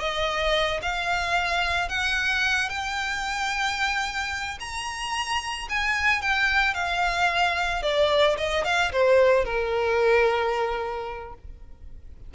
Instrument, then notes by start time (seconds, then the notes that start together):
violin
0.00 D#5
0.83 F5
1.89 F#5
2.70 G5
4.60 A#5
5.70 G#5
6.22 G5
6.75 F5
7.83 D5
8.38 D#5
8.65 F5
8.92 C5
9.45 A#4